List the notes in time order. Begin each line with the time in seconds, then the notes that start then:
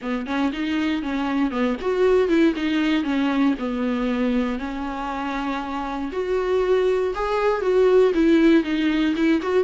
0.01 B3
0.26 C#4
0.52 D#4
1.02 C#4
1.50 B3
1.81 F#4
2.28 E4
2.56 D#4
3.03 C#4
3.58 B3
4.58 C#4
6.12 F#4
7.14 G#4
7.61 F#4
8.14 E4
8.63 D#4
9.15 E4
9.42 F#4